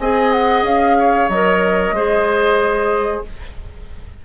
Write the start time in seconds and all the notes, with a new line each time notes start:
0.00 C4 G#4 D#5 G#5
0.32 F#5
0.63 C#4 F5
0.99 C#5
1.29 F#3 A#4 D#5
1.92 G#3 G#4 C5